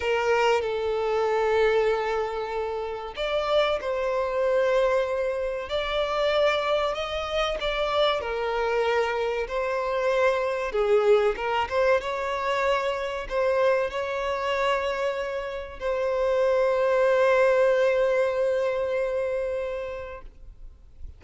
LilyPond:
\new Staff \with { instrumentName = "violin" } { \time 4/4 \tempo 4 = 95 ais'4 a'2.~ | a'4 d''4 c''2~ | c''4 d''2 dis''4 | d''4 ais'2 c''4~ |
c''4 gis'4 ais'8 c''8 cis''4~ | cis''4 c''4 cis''2~ | cis''4 c''2.~ | c''1 | }